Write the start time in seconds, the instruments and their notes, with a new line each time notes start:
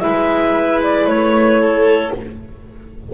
0.00 double bass G#3, clarinet E4 E5, violin B4
0.84 clarinet D5
1.06 double bass A3, clarinet C#5
1.61 violin A4